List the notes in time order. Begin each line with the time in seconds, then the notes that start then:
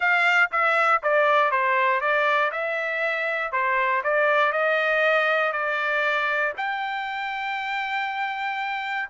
0.00 F5
0.51 E5
1.02 D5
1.51 C5
2.00 D5
2.51 E5
3.52 C5
4.03 D5
4.52 D#5
5.52 D5
6.57 G5